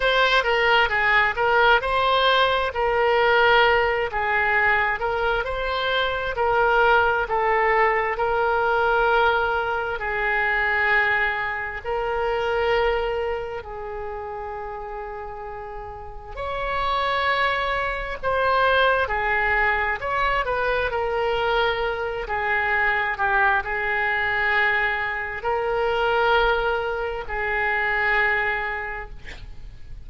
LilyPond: \new Staff \with { instrumentName = "oboe" } { \time 4/4 \tempo 4 = 66 c''8 ais'8 gis'8 ais'8 c''4 ais'4~ | ais'8 gis'4 ais'8 c''4 ais'4 | a'4 ais'2 gis'4~ | gis'4 ais'2 gis'4~ |
gis'2 cis''2 | c''4 gis'4 cis''8 b'8 ais'4~ | ais'8 gis'4 g'8 gis'2 | ais'2 gis'2 | }